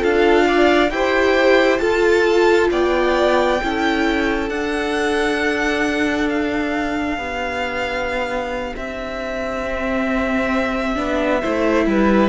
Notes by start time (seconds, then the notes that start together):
0.00 D4 F4 A4 F5
0.48 D5
0.90 E4 G4 C5 G5
1.79 F4 A4 A5
2.71 B3 D5 G5
3.63 C#4 E4 A4
4.49 D4 F#5
6.30 F5
7.18 B3 G4
8.76 C4 E5
9.65 C4
10.96 B3 D4
11.42 A3 E4 C5
11.87 G3 B4